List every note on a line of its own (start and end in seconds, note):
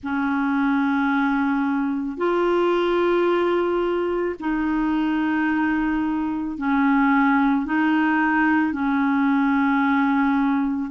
0.03 2.17 C#4
2.17 4.35 F4
4.39 6.57 D#4
6.57 7.65 C#4
7.65 8.72 D#4
8.72 10.90 C#4